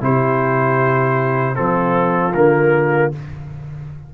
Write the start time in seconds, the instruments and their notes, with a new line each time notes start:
0.00 tuba C3, trombone E4, horn G4, trumpet C5
1.54 tuba F3, trombone C4, horn F4, trumpet A4
2.33 tuba D3, trombone A#3, trumpet A#4